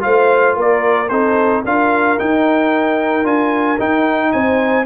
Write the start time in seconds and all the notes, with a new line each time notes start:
0.00 A3 F4 C5 F5
0.56 A#3 A#4 D5
1.09 C4 D#4 A4 C5
1.64 D4 F4 A#4 F5
2.18 D#4 G5
3.24 D4 F4 G#5
3.79 D#4 G5
4.32 C4 C5 G#5